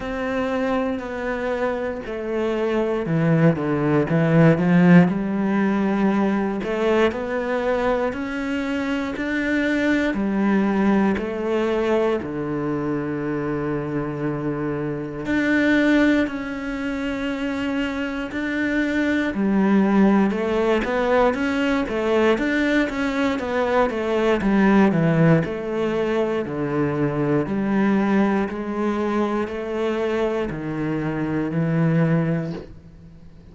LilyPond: \new Staff \with { instrumentName = "cello" } { \time 4/4 \tempo 4 = 59 c'4 b4 a4 e8 d8 | e8 f8 g4. a8 b4 | cis'4 d'4 g4 a4 | d2. d'4 |
cis'2 d'4 g4 | a8 b8 cis'8 a8 d'8 cis'8 b8 a8 | g8 e8 a4 d4 g4 | gis4 a4 dis4 e4 | }